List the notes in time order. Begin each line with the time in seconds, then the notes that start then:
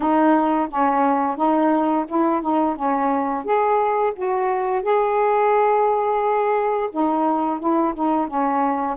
0.00 D#4
0.70 C#4
1.36 D#4
2.08 E4
2.41 D#4
2.76 C#4
3.44 G#4
4.15 F#4
4.82 G#4
6.91 D#4
7.59 E4
7.94 D#4
8.27 C#4